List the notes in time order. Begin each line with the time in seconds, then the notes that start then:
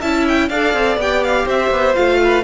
0.00 C#4 E4 E5 A5
0.28 G5
0.49 D4 A4 D5 F5
0.73 C4
0.97 B3 G4 G5
1.23 F5
1.45 C4 C5 E5
1.70 B3
1.94 A3 F4 F5
2.24 B4